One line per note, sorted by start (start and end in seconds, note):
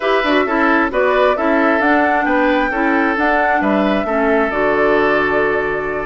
0.00 0.23 E4
0.00 0.23 G4
0.00 0.45 B4
0.00 0.89 E5
0.23 0.45 D4
0.23 0.47 F#4
0.45 0.90 C#4
0.45 0.90 E4
0.45 0.91 A4
0.90 1.36 B3
0.90 1.35 F#4
0.90 1.36 B4
0.90 1.36 D5
1.36 1.80 C#4
1.36 1.81 E4
1.36 2.25 A4
1.36 1.81 E5
1.80 2.25 D4
1.80 2.72 D4
1.80 2.25 F#5
2.25 2.70 B3
2.25 2.70 B4
2.25 3.15 G5
2.70 3.15 C#4
2.70 3.16 E4
2.70 3.61 A4
3.16 4.06 D4
3.16 3.61 D4
3.16 3.61 F#5
3.61 4.04 G3
3.61 4.06 B4
3.61 4.50 E5
4.04 4.49 A3
4.04 4.51 C#4
4.04 6.06 A4
4.50 6.06 D3
4.50 6.06 F#4
4.50 6.06 D5